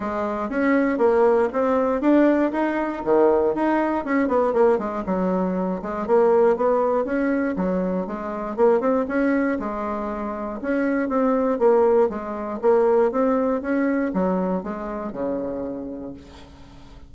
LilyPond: \new Staff \with { instrumentName = "bassoon" } { \time 4/4 \tempo 4 = 119 gis4 cis'4 ais4 c'4 | d'4 dis'4 dis4 dis'4 | cis'8 b8 ais8 gis8 fis4. gis8 | ais4 b4 cis'4 fis4 |
gis4 ais8 c'8 cis'4 gis4~ | gis4 cis'4 c'4 ais4 | gis4 ais4 c'4 cis'4 | fis4 gis4 cis2 | }